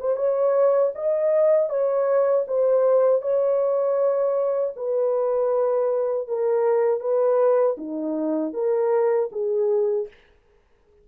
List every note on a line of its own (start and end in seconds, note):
0.00 0.17 C5
0.17 0.93 C#5
0.95 1.70 D#5
1.70 2.45 C#5
2.48 3.22 C5
3.22 4.74 C#5
4.76 6.28 B4
6.28 7.00 A#4
7.00 7.76 B4
7.78 8.54 D#4
8.54 9.30 A#4
9.32 10.08 G#4